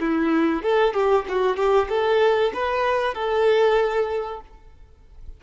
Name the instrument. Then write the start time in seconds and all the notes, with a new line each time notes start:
violin
0.00 E4
0.62 A4
0.94 G4
1.28 F#4
1.56 G4
1.89 A4
2.53 B4
3.14 A4